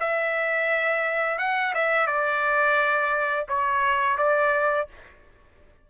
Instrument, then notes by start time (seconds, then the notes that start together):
trumpet
0.00 E5
1.39 F#5
1.75 E5
2.07 D5
3.49 C#5
4.18 D5